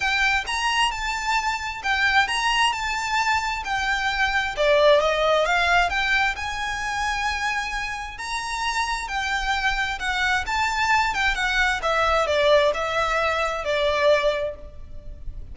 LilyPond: \new Staff \with { instrumentName = "violin" } { \time 4/4 \tempo 4 = 132 g''4 ais''4 a''2 | g''4 ais''4 a''2 | g''2 d''4 dis''4 | f''4 g''4 gis''2~ |
gis''2 ais''2 | g''2 fis''4 a''4~ | a''8 g''8 fis''4 e''4 d''4 | e''2 d''2 | }